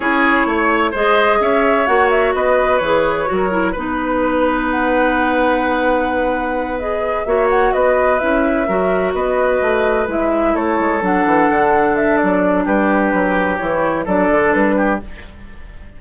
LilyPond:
<<
  \new Staff \with { instrumentName = "flute" } { \time 4/4 \tempo 4 = 128 cis''2 dis''4 e''4 | fis''8 e''8 dis''4 cis''2 | b'2 fis''2~ | fis''2~ fis''8 dis''4 e''8 |
fis''8 dis''4 e''2 dis''8~ | dis''4. e''4 cis''4 fis''8~ | fis''4. e''8 d''4 b'4~ | b'4 cis''4 d''4 b'4 | }
  \new Staff \with { instrumentName = "oboe" } { \time 4/4 gis'4 cis''4 c''4 cis''4~ | cis''4 b'2 ais'4 | b'1~ | b'2.~ b'8 cis''8~ |
cis''8 b'2 ais'4 b'8~ | b'2~ b'8 a'4.~ | a'2. g'4~ | g'2 a'4. g'8 | }
  \new Staff \with { instrumentName = "clarinet" } { \time 4/4 e'2 gis'2 | fis'2 gis'4 fis'8 e'8 | dis'1~ | dis'2~ dis'8 gis'4 fis'8~ |
fis'4. e'4 fis'4.~ | fis'4. e'2 d'8~ | d'1~ | d'4 e'4 d'2 | }
  \new Staff \with { instrumentName = "bassoon" } { \time 4/4 cis'4 a4 gis4 cis'4 | ais4 b4 e4 fis4 | b1~ | b2.~ b8 ais8~ |
ais8 b4 cis'4 fis4 b8~ | b8 a4 gis4 a8 gis8 fis8 | e8 d4. fis4 g4 | fis4 e4 fis8 d8 g4 | }
>>